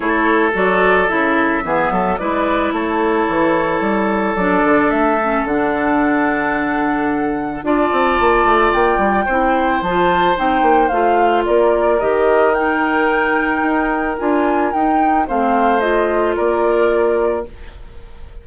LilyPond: <<
  \new Staff \with { instrumentName = "flute" } { \time 4/4 \tempo 4 = 110 cis''4 d''4 e''2 | d''4 cis''2. | d''4 e''4 fis''2~ | fis''2 a''2 |
g''2 a''4 g''4 | f''4 d''4 dis''4 g''4~ | g''2 gis''4 g''4 | f''4 dis''4 d''2 | }
  \new Staff \with { instrumentName = "oboe" } { \time 4/4 a'2. gis'8 a'8 | b'4 a'2.~ | a'1~ | a'2 d''2~ |
d''4 c''2.~ | c''4 ais'2.~ | ais'1 | c''2 ais'2 | }
  \new Staff \with { instrumentName = "clarinet" } { \time 4/4 e'4 fis'4 e'4 b4 | e'1 | d'4. cis'8 d'2~ | d'2 f'2~ |
f'4 e'4 f'4 dis'4 | f'2 g'4 dis'4~ | dis'2 f'4 dis'4 | c'4 f'2. | }
  \new Staff \with { instrumentName = "bassoon" } { \time 4/4 a4 fis4 cis4 e8 fis8 | gis4 a4 e4 g4 | fis8 d8 a4 d2~ | d2 d'8 c'8 ais8 a8 |
ais8 g8 c'4 f4 c'8 ais8 | a4 ais4 dis2~ | dis4 dis'4 d'4 dis'4 | a2 ais2 | }
>>